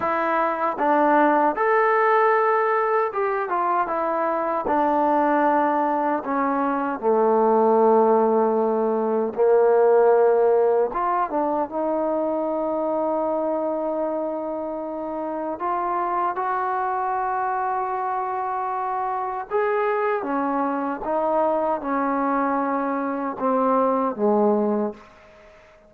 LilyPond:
\new Staff \with { instrumentName = "trombone" } { \time 4/4 \tempo 4 = 77 e'4 d'4 a'2 | g'8 f'8 e'4 d'2 | cis'4 a2. | ais2 f'8 d'8 dis'4~ |
dis'1 | f'4 fis'2.~ | fis'4 gis'4 cis'4 dis'4 | cis'2 c'4 gis4 | }